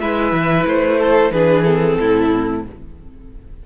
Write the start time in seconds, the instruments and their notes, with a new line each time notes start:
0.00 cello G#3, viola E4, violin B4 E5
0.32 cello E3
0.66 cello A3, violin C5
0.99 violin A4
1.31 cello E3, viola D4, violin G#4 B4
1.64 viola C4, violin A4
2.00 cello A2, violin E4